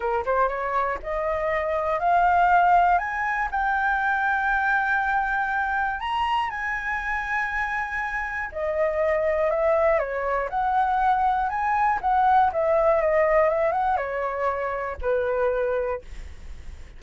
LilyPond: \new Staff \with { instrumentName = "flute" } { \time 4/4 \tempo 4 = 120 ais'8 c''8 cis''4 dis''2 | f''2 gis''4 g''4~ | g''1 | ais''4 gis''2.~ |
gis''4 dis''2 e''4 | cis''4 fis''2 gis''4 | fis''4 e''4 dis''4 e''8 fis''8 | cis''2 b'2 | }